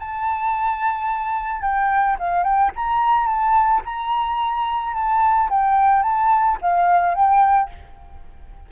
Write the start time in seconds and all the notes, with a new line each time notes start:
0.00 A5
1.62 G5
2.19 F5
2.44 G5
2.76 A#5
3.27 A5
3.85 A#5
4.94 A5
5.50 G5
6.03 A5
6.62 F5
7.15 G5